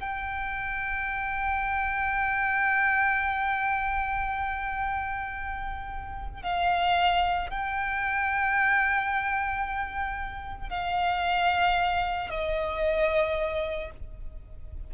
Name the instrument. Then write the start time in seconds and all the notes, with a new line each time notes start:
violin
0.00 G5
6.42 F5
7.50 G5
10.69 F5
12.30 D#5